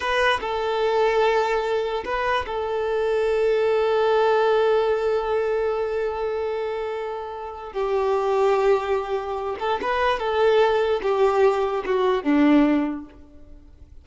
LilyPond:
\new Staff \with { instrumentName = "violin" } { \time 4/4 \tempo 4 = 147 b'4 a'2.~ | a'4 b'4 a'2~ | a'1~ | a'1~ |
a'2. g'4~ | g'2.~ g'8 a'8 | b'4 a'2 g'4~ | g'4 fis'4 d'2 | }